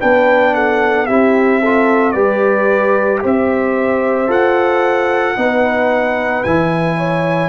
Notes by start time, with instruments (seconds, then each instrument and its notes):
0.00 tuba B3, trombone D4, horn B4, trumpet G5
0.54 horn A4, trumpet F#5
1.06 tuba C4, trombone E4, horn G4, trumpet E5
1.61 trombone F4, horn A4
2.12 tuba G3, trombone G4, horn B4, trumpet D5
3.23 tuba C4, horn C5, trumpet E5
4.28 tuba F4, trombone A4, trumpet F#5
5.37 tuba B3, trombone D#4, horn B4
6.44 tuba E3, trombone E4, trumpet G#5
6.98 horn C#5